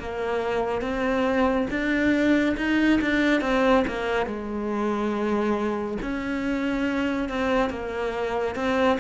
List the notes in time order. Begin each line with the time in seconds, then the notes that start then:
0.00 A#3
0.82 C4
1.70 D4
2.57 D#4
3.02 D4
3.41 C4
3.88 A#3
4.26 G#3
6.02 C#4
7.29 C4
7.70 A#3
8.56 C4